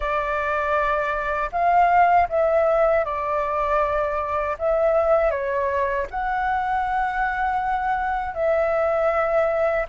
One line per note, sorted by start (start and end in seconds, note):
0.00 1.49 D5
1.52 2.28 F5
2.29 3.04 E5
3.04 4.56 D5
4.58 5.30 E5
5.30 6.06 C#5
6.10 8.34 F#5
8.34 9.86 E5